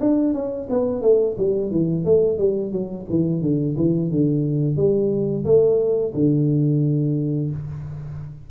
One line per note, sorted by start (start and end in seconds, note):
0.00 0.33 D4
0.33 0.68 C#4
0.69 1.01 B3
1.01 1.35 A3
1.37 1.70 G3
1.70 2.05 E3
2.05 2.38 A3
2.38 2.71 G3
2.71 3.06 F#3
3.09 3.41 E3
3.41 3.75 D3
3.77 4.11 E3
4.11 4.76 D3
4.76 5.44 G3
5.45 6.13 A3
6.14 7.50 D3